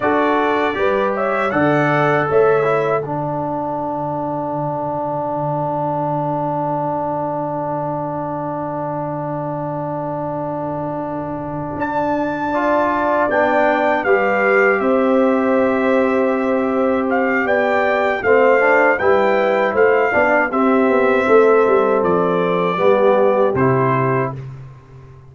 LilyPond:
<<
  \new Staff \with { instrumentName = "trumpet" } { \time 4/4 \tempo 4 = 79 d''4. e''8 fis''4 e''4 | fis''1~ | fis''1~ | fis''2.~ fis''8 a''8~ |
a''4. g''4 f''4 e''8~ | e''2~ e''8 f''8 g''4 | f''4 g''4 f''4 e''4~ | e''4 d''2 c''4 | }
  \new Staff \with { instrumentName = "horn" } { \time 4/4 a'4 b'8 cis''8 d''4 cis''4 | a'1~ | a'1~ | a'1~ |
a'8 d''2 b'4 c''8~ | c''2. d''4 | c''4 b'4 c''8 d''8 g'4 | a'2 g'2 | }
  \new Staff \with { instrumentName = "trombone" } { \time 4/4 fis'4 g'4 a'4. e'8 | d'1~ | d'1~ | d'1~ |
d'8 f'4 d'4 g'4.~ | g'1 | c'8 d'8 e'4. d'8 c'4~ | c'2 b4 e'4 | }
  \new Staff \with { instrumentName = "tuba" } { \time 4/4 d'4 g4 d4 a4 | d1~ | d1~ | d2.~ d8 d'8~ |
d'4. b4 g4 c'8~ | c'2. b4 | a4 g4 a8 b8 c'8 b8 | a8 g8 f4 g4 c4 | }
>>